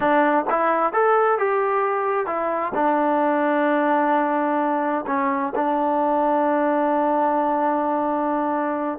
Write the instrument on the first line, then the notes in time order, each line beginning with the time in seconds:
trombone
0.00 D4
0.50 E4
0.92 A4
1.38 G4
2.26 E4
2.74 D4
5.06 C#4
5.55 D4